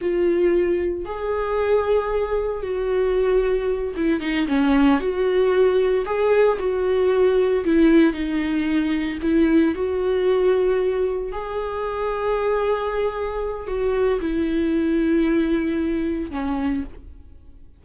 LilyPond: \new Staff \with { instrumentName = "viola" } { \time 4/4 \tempo 4 = 114 f'2 gis'2~ | gis'4 fis'2~ fis'8 e'8 | dis'8 cis'4 fis'2 gis'8~ | gis'8 fis'2 e'4 dis'8~ |
dis'4. e'4 fis'4.~ | fis'4. gis'2~ gis'8~ | gis'2 fis'4 e'4~ | e'2. cis'4 | }